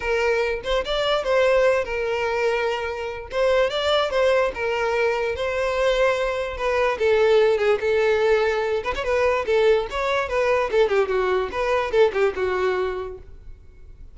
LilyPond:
\new Staff \with { instrumentName = "violin" } { \time 4/4 \tempo 4 = 146 ais'4. c''8 d''4 c''4~ | c''8 ais'2.~ ais'8 | c''4 d''4 c''4 ais'4~ | ais'4 c''2. |
b'4 a'4. gis'8 a'4~ | a'4. b'16 cis''16 b'4 a'4 | cis''4 b'4 a'8 g'8 fis'4 | b'4 a'8 g'8 fis'2 | }